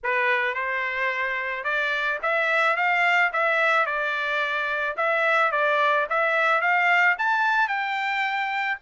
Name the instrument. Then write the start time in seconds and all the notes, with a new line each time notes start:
trumpet
0.03 B4
0.54 C5
1.64 D5
2.22 E5
2.76 F5
3.33 E5
3.85 D5
4.96 E5
5.51 D5
6.09 E5
6.61 F5
7.18 A5
7.68 G5